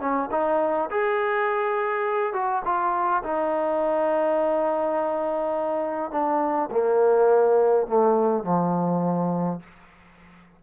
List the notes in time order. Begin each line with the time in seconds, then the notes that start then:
0.00 C#4
0.31 D#4
0.90 G#4
2.33 F#4
2.65 F4
3.23 D#4
6.11 D4
6.71 A#3
7.87 A3
8.44 F3